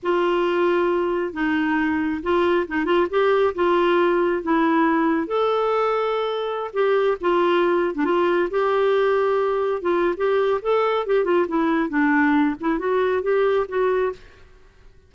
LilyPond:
\new Staff \with { instrumentName = "clarinet" } { \time 4/4 \tempo 4 = 136 f'2. dis'4~ | dis'4 f'4 dis'8 f'8 g'4 | f'2 e'2 | a'2.~ a'16 g'8.~ |
g'16 f'4.~ f'16 d'16 f'4 g'8.~ | g'2~ g'16 f'8. g'4 | a'4 g'8 f'8 e'4 d'4~ | d'8 e'8 fis'4 g'4 fis'4 | }